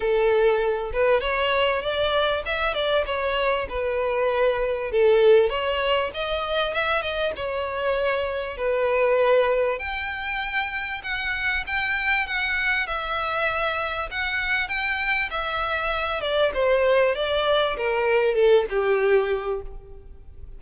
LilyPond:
\new Staff \with { instrumentName = "violin" } { \time 4/4 \tempo 4 = 98 a'4. b'8 cis''4 d''4 | e''8 d''8 cis''4 b'2 | a'4 cis''4 dis''4 e''8 dis''8 | cis''2 b'2 |
g''2 fis''4 g''4 | fis''4 e''2 fis''4 | g''4 e''4. d''8 c''4 | d''4 ais'4 a'8 g'4. | }